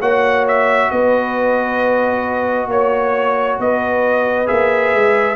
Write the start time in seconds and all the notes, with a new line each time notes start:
0.00 A#3 F#4 C#5 F#5
0.48 E5
0.91 B3 B4 D#5
2.68 A#3 C#5
3.59 B3 B4 D#5
4.47 A#3 G#4 E5
4.95 G#3